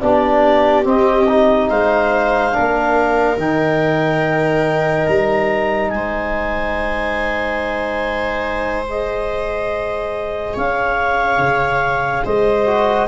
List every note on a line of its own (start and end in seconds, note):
0.00 0.86 B3
0.00 0.85 D4
0.00 1.70 G4
0.00 0.85 D5
0.85 1.27 C4
0.85 1.70 C4
0.85 1.69 D#5
1.28 2.53 D#4
1.69 2.55 G#3
1.69 2.55 C5
1.69 3.38 F5
2.53 3.37 D4
2.53 5.93 A#4
2.59 3.37 A#3
3.37 5.07 D#3
3.37 8.86 D#4
3.37 5.07 G5
5.07 5.93 G3
5.07 5.90 A#5
5.90 10.57 G#3
5.90 10.54 C5
5.90 8.86 G#5
8.86 12.66 G#4
8.86 10.58 D#5
10.54 11.38 C#4
10.54 12.23 C#5
10.54 12.26 F5
11.38 12.23 C#3
12.25 13.08 G#3
12.25 13.08 C5
12.25 13.08 D#5
12.66 13.08 F#4